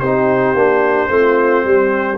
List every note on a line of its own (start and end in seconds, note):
0.00 0.54 C4
0.00 0.56 D#4
0.00 1.09 G4
0.00 2.18 C5
0.54 1.08 A#3
0.54 1.09 D4
1.09 1.64 A3
1.09 2.18 C4
1.09 1.66 F4
1.64 2.18 G3
1.64 2.18 G4